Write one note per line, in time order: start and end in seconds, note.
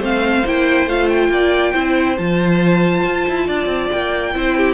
0.00 0.43 A3
0.00 0.45 C4
0.00 1.29 C5
0.00 0.48 F5
0.46 0.86 A#3
0.46 0.89 E4
0.46 0.89 G5
0.86 1.30 A3
0.86 1.74 F4
0.86 1.09 F5
1.09 2.17 G5
1.30 1.73 A#3
1.30 1.73 D5
1.73 2.19 C4
1.73 2.17 E4
1.73 3.45 C5
2.17 3.05 F3
2.17 4.34 F4
2.17 3.90 A5
3.05 3.27 F4
3.29 3.49 E4
3.47 3.66 D4
3.47 4.33 D5
3.66 3.87 C4
3.91 4.35 A#3
3.91 4.74 G5
4.34 4.74 C4
4.34 4.74 E4
4.34 4.57 C5
4.57 4.74 G4